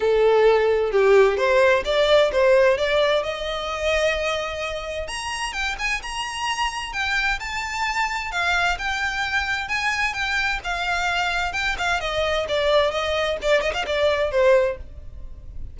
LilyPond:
\new Staff \with { instrumentName = "violin" } { \time 4/4 \tempo 4 = 130 a'2 g'4 c''4 | d''4 c''4 d''4 dis''4~ | dis''2. ais''4 | g''8 gis''8 ais''2 g''4 |
a''2 f''4 g''4~ | g''4 gis''4 g''4 f''4~ | f''4 g''8 f''8 dis''4 d''4 | dis''4 d''8 dis''16 f''16 d''4 c''4 | }